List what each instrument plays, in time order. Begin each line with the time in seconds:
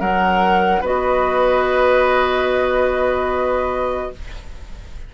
0.00 bassoon F#3, oboe A#4, clarinet A#4, flute F#5
0.81 bassoon B3, clarinet F#4, oboe B4, flute D#5